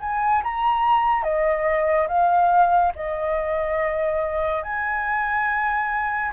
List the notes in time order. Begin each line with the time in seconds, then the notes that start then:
0.00 G#5
0.43 A#5
1.23 D#5
2.07 F5
2.95 D#5
4.62 G#5